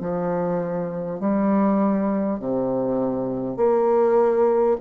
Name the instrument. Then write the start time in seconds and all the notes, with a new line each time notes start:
bassoon
0.00 F3
1.19 G3
2.39 C3
3.57 A#3